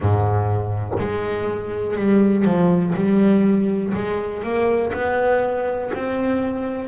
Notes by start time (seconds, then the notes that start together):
0.00 G#2
0.99 G#3
1.96 G3
2.45 F3
2.95 G3
3.94 G#3
4.43 A#3
4.93 B3
5.94 C4